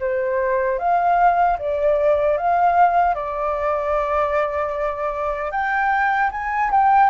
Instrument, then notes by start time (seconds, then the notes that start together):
flute
0.00 C5
0.79 F5
1.59 D5
2.38 F5
3.15 D5
5.52 G5
6.32 G#5
6.71 G5